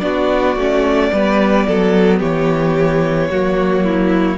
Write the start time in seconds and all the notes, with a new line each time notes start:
0.00 B3 D4 F#4 D5
0.56 A3 C#4
1.12 G3 B3 B4
1.67 F#3 A4
2.19 E3 G4 C#5
3.30 F#3 A#3 F#4
3.84 E4